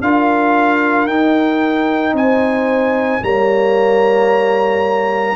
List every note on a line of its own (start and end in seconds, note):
0.00 1.06 D4
0.00 1.09 F4
0.00 2.15 A#4
0.00 1.07 F5
1.06 2.12 D#4
1.06 3.21 D#4
1.06 2.14 G5
2.12 3.20 C4
2.12 3.22 C5
2.12 3.23 G#5
3.21 5.36 G3
3.21 5.36 A#3
3.21 5.36 C#5
3.21 5.36 A#5